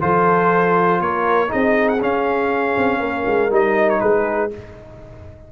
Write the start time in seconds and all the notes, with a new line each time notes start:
0.00 F3 F4 A4 C5
1.00 A#3 A#4 C#5
1.48 C4 D#4 G#4 D#5
1.88 F#5
2.01 C#4 F5
2.77 C4
2.99 A#3 A#4
3.26 G#3
3.50 G3 D#4 D#5
3.89 C#5
4.00 G#3 G#4 B4